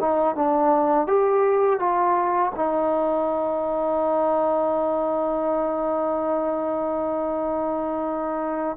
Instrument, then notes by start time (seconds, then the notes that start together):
trombone
0.00 D#4
0.35 D4
1.07 G4
1.79 F4
2.55 D#4